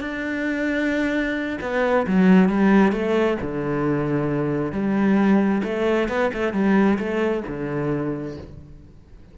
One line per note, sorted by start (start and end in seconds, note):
0.00 1.58 D4
1.61 2.06 B3
2.07 2.49 F#3
2.49 2.92 G3
2.92 3.37 A3
3.41 4.72 D3
4.72 5.62 G3
5.63 6.08 A3
6.08 6.31 B3
6.33 6.53 A3
6.53 6.98 G3
6.98 7.43 A3
7.47 8.37 D3